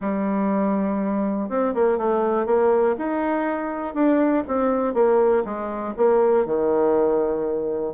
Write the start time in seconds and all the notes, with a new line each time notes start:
0.00 G3
1.49 C4
1.74 A#3
1.97 A3
2.45 A#3
2.98 D#4
3.94 D4
4.47 C4
4.94 A#3
5.44 G#3
5.97 A#3
6.45 D#3